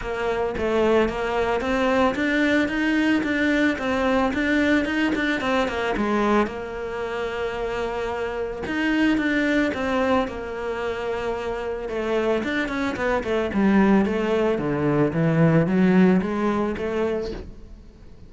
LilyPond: \new Staff \with { instrumentName = "cello" } { \time 4/4 \tempo 4 = 111 ais4 a4 ais4 c'4 | d'4 dis'4 d'4 c'4 | d'4 dis'8 d'8 c'8 ais8 gis4 | ais1 |
dis'4 d'4 c'4 ais4~ | ais2 a4 d'8 cis'8 | b8 a8 g4 a4 d4 | e4 fis4 gis4 a4 | }